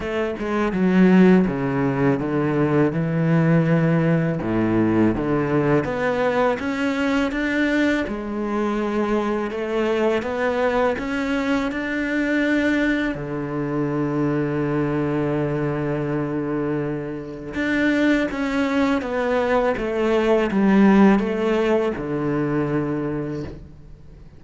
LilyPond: \new Staff \with { instrumentName = "cello" } { \time 4/4 \tempo 4 = 82 a8 gis8 fis4 cis4 d4 | e2 a,4 d4 | b4 cis'4 d'4 gis4~ | gis4 a4 b4 cis'4 |
d'2 d2~ | d1 | d'4 cis'4 b4 a4 | g4 a4 d2 | }